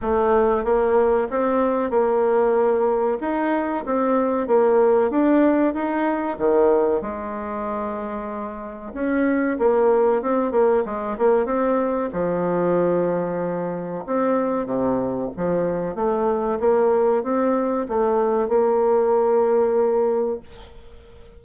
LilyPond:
\new Staff \with { instrumentName = "bassoon" } { \time 4/4 \tempo 4 = 94 a4 ais4 c'4 ais4~ | ais4 dis'4 c'4 ais4 | d'4 dis'4 dis4 gis4~ | gis2 cis'4 ais4 |
c'8 ais8 gis8 ais8 c'4 f4~ | f2 c'4 c4 | f4 a4 ais4 c'4 | a4 ais2. | }